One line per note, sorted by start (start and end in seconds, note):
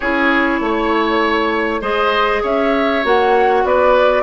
0.00 0.60 C#4
0.00 1.81 E4
0.00 0.60 G#4
0.00 1.81 C#5
0.60 1.81 A3
0.60 1.81 C#5
1.81 2.42 G#3
1.81 3.02 G#4
1.81 2.41 C5
1.81 2.42 D#5
2.42 3.04 C#4
2.42 3.63 C#5
2.42 3.05 E5
3.03 3.63 A#3
3.03 4.22 F#4
3.03 3.66 F#5
3.63 4.22 B3
3.63 4.22 B4
3.63 4.22 D5